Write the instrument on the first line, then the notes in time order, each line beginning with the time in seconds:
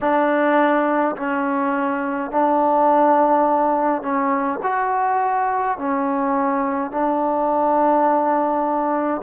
trombone
0.00 D4
1.16 C#4
2.31 D4
4.02 C#4
4.63 F#4
5.77 C#4
6.91 D4